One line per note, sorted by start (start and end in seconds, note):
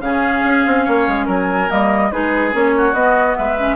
0.00 0.42 C#3
0.00 1.68 C#4
0.00 0.85 G#4
0.00 1.27 F5
0.44 0.65 C#4
0.66 0.87 C4
0.85 1.08 A#3
0.85 1.26 C#5
1.08 1.27 G#3
1.26 1.69 F#3
1.26 2.10 A#4
1.26 1.71 G#5
1.68 2.12 G3
1.68 2.10 A#3
1.68 2.12 D#5
2.12 2.54 G#3
2.12 2.52 D#4
2.12 2.76 G#4
2.12 2.54 B4
2.52 2.93 A#3
2.52 2.94 C#4
2.52 2.94 C#5
2.77 3.38 F#4
2.93 3.35 B3
2.93 3.58 B3
2.93 3.36 D#5
3.36 3.76 G#3
3.36 3.76 B4
3.36 3.76 E5
3.58 3.76 C#4